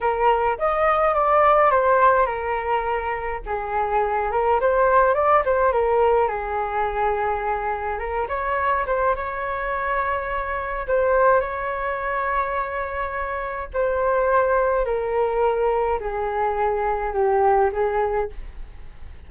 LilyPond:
\new Staff \with { instrumentName = "flute" } { \time 4/4 \tempo 4 = 105 ais'4 dis''4 d''4 c''4 | ais'2 gis'4. ais'8 | c''4 d''8 c''8 ais'4 gis'4~ | gis'2 ais'8 cis''4 c''8 |
cis''2. c''4 | cis''1 | c''2 ais'2 | gis'2 g'4 gis'4 | }